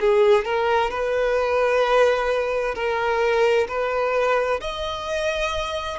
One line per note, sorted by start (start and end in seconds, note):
0.00 0.44 G#4
0.44 0.90 A#4
0.90 2.74 B4
2.74 3.67 A#4
3.68 4.60 B4
4.60 5.99 D#5